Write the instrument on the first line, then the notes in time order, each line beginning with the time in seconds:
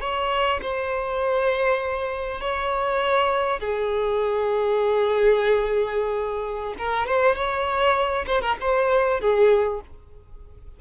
violin
0.00 C#5
0.62 C5
2.41 C#5
3.60 G#4
6.78 A#4
7.07 C5
7.35 C#5
8.27 C5
8.42 A#4
8.60 C5
9.21 G#4